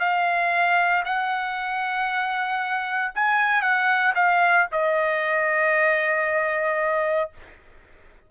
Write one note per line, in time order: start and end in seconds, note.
0.00 1.03 F5
1.05 3.12 F#5
3.15 3.62 G#5
3.62 4.14 F#5
4.16 4.67 F5
4.72 7.31 D#5